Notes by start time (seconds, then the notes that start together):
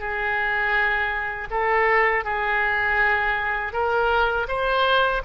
0.00 G#4
1.51 A4
2.25 G#4
3.73 A#4
4.48 C5